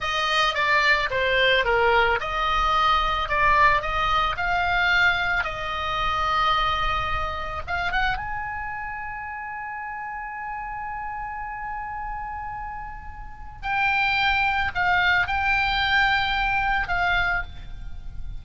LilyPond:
\new Staff \with { instrumentName = "oboe" } { \time 4/4 \tempo 4 = 110 dis''4 d''4 c''4 ais'4 | dis''2 d''4 dis''4 | f''2 dis''2~ | dis''2 f''8 fis''8 gis''4~ |
gis''1~ | gis''1~ | gis''4 g''2 f''4 | g''2. f''4 | }